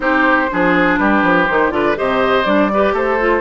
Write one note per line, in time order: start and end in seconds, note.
0.00 0.49 C4
0.00 0.48 D#4
0.00 0.50 G4
0.00 0.97 C5
0.50 0.99 F3
0.50 1.48 D4
0.50 0.99 G#4
0.97 1.22 G3
0.97 1.73 G4
0.97 1.46 B4
1.22 1.47 F3
1.46 1.71 D#3
1.46 1.70 D#4
1.46 1.70 C5
1.70 1.95 D3
1.70 1.95 F4
1.70 1.97 B4
1.70 1.95 D5
1.96 2.45 C3
1.96 2.45 G4
1.96 2.71 C5
1.96 2.45 D#5
2.45 2.93 G3
2.45 2.70 D4
2.45 2.94 D5
2.73 3.19 G4
2.73 2.93 B4
2.93 3.41 A3
2.93 3.41 A4
2.93 3.41 C5
3.19 3.41 F4